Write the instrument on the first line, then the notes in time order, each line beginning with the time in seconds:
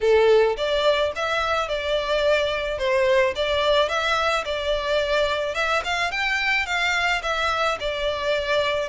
violin
0.01 A4
0.56 D5
1.15 E5
1.68 D5
2.78 C5
3.35 D5
3.88 E5
4.44 D5
5.54 E5
5.84 F5
6.11 G5
6.66 F5
7.22 E5
7.80 D5